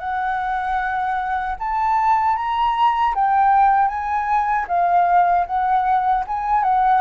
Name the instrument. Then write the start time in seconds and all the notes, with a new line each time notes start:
flute
0.00 F#5
1.60 A5
2.37 A#5
3.15 G5
3.88 G#5
4.69 F5
5.47 F#5
6.28 G#5
6.64 F#5